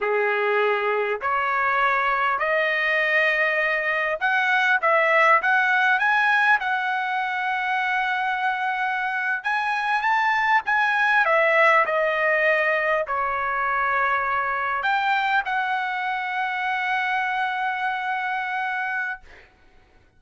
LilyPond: \new Staff \with { instrumentName = "trumpet" } { \time 4/4 \tempo 4 = 100 gis'2 cis''2 | dis''2. fis''4 | e''4 fis''4 gis''4 fis''4~ | fis''2.~ fis''8. gis''16~ |
gis''8. a''4 gis''4 e''4 dis''16~ | dis''4.~ dis''16 cis''2~ cis''16~ | cis''8. g''4 fis''2~ fis''16~ | fis''1 | }